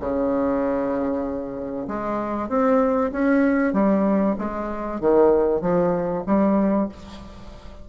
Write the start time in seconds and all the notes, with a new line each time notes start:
0.00 C#3
1.88 G#3
2.49 C4
3.12 C#4
3.74 G3
4.39 G#3
5.01 D#3
5.61 F3
6.27 G3